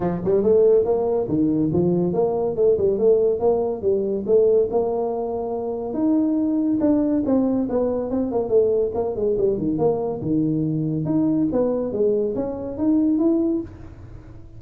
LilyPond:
\new Staff \with { instrumentName = "tuba" } { \time 4/4 \tempo 4 = 141 f8 g8 a4 ais4 dis4 | f4 ais4 a8 g8 a4 | ais4 g4 a4 ais4~ | ais2 dis'2 |
d'4 c'4 b4 c'8 ais8 | a4 ais8 gis8 g8 dis8 ais4 | dis2 dis'4 b4 | gis4 cis'4 dis'4 e'4 | }